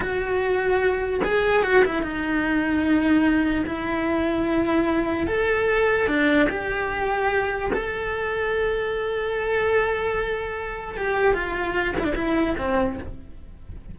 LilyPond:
\new Staff \with { instrumentName = "cello" } { \time 4/4 \tempo 4 = 148 fis'2. gis'4 | fis'8 e'8 dis'2.~ | dis'4 e'2.~ | e'4 a'2 d'4 |
g'2. a'4~ | a'1~ | a'2. g'4 | f'4. e'16 d'16 e'4 c'4 | }